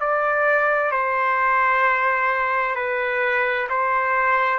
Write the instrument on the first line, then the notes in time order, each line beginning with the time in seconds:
trumpet
0.00 D5
0.91 C5
2.75 B4
3.69 C5